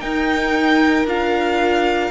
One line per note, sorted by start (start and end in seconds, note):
0.00 1.05 D#4
0.00 2.12 A#4
0.00 1.06 G5
1.05 2.11 D4
1.05 2.12 F4
1.05 2.12 F5